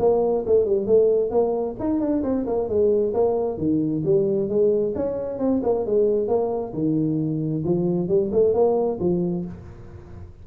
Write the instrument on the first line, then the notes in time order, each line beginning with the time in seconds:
tuba
0.00 A#3
0.47 A3
0.66 G3
0.87 A3
1.31 A#3
1.80 D#4
2.01 D4
2.24 C4
2.47 A#3
2.69 G#3
3.15 A#3
3.58 D#3
4.05 G3
4.49 G#3
4.96 C#4
5.39 C4
5.63 A#3
5.86 G#3
6.28 A#3
6.74 D#3
7.65 F3
8.09 G3
8.32 A3
8.54 A#3
9.00 F3